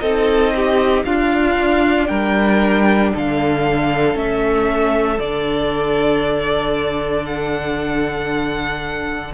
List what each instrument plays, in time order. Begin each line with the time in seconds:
0.00 cello C4, viola D#4, violin A4 D#5
0.56 violin G4
1.05 cello D4, viola D4, violin F4 F5
2.07 cello G3, violin A#4 G5
3.14 cello D3, violin A4 F5
4.14 cello A3, viola C#4, violin E5
5.20 cello D3, viola D4, violin D5
7.26 violin F#5